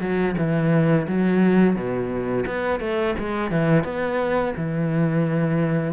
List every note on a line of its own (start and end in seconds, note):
0.00 0.35 F#3
0.37 1.07 E3
1.07 1.75 F#3
1.75 2.45 B2
2.46 2.80 B3
2.80 3.15 A3
3.18 3.50 G#3
3.50 3.84 E3
3.84 4.53 B3
4.56 5.93 E3